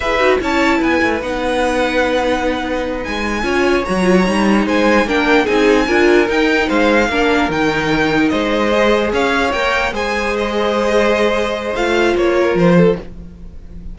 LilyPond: <<
  \new Staff \with { instrumentName = "violin" } { \time 4/4 \tempo 4 = 148 e''4 a''4 gis''4 fis''4~ | fis''2.~ fis''8 gis''8~ | gis''4. ais''2 gis''8~ | gis''8 g''4 gis''2 g''8~ |
g''8 f''2 g''4.~ | g''8 dis''2 f''4 g''8~ | g''8 gis''4 dis''2~ dis''8~ | dis''4 f''4 cis''4 c''4 | }
  \new Staff \with { instrumentName = "violin" } { \time 4/4 b'4 cis''4 b'2~ | b'1~ | b'8 cis''2. c''8~ | c''8 ais'4 gis'4 ais'4.~ |
ais'8 c''4 ais'2~ ais'8~ | ais'8 c''2 cis''4.~ | cis''8 c''2.~ c''8~ | c''2~ c''8 ais'4 a'8 | }
  \new Staff \with { instrumentName = "viola" } { \time 4/4 gis'8 fis'8 e'2 dis'4~ | dis'1~ | dis'8 f'4 fis'8 f'8 dis'4.~ | dis'8 d'4 dis'4 f'4 dis'8~ |
dis'4. d'4 dis'4.~ | dis'4. gis'2 ais'8~ | ais'8 gis'2.~ gis'8~ | gis'4 f'2. | }
  \new Staff \with { instrumentName = "cello" } { \time 4/4 e'8 dis'8 cis'4 b8 a8 b4~ | b2.~ b8 gis8~ | gis8 cis'4 fis4 g4 gis8~ | gis8 ais4 c'4 d'4 dis'8~ |
dis'8 gis4 ais4 dis4.~ | dis8 gis2 cis'4 ais8~ | ais8 gis2.~ gis8~ | gis4 a4 ais4 f4 | }
>>